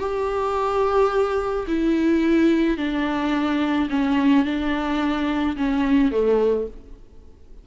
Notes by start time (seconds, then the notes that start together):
0.00 G4
1.68 E4
2.78 D4
3.90 C#4
4.46 D4
5.57 C#4
6.12 A3